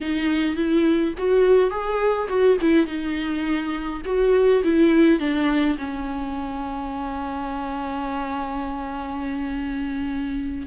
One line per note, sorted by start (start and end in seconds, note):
0.00 0.56 D#4
0.56 1.14 E4
1.17 1.70 F#4
1.70 2.28 G#4
2.28 2.57 F#4
2.61 2.86 E4
2.86 4.01 D#4
4.05 4.63 F#4
4.63 5.19 E4
5.19 5.77 D4
5.78 10.66 C#4